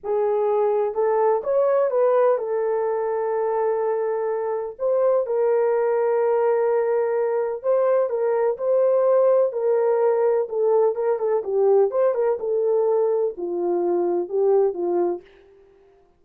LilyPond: \new Staff \with { instrumentName = "horn" } { \time 4/4 \tempo 4 = 126 gis'2 a'4 cis''4 | b'4 a'2.~ | a'2 c''4 ais'4~ | ais'1 |
c''4 ais'4 c''2 | ais'2 a'4 ais'8 a'8 | g'4 c''8 ais'8 a'2 | f'2 g'4 f'4 | }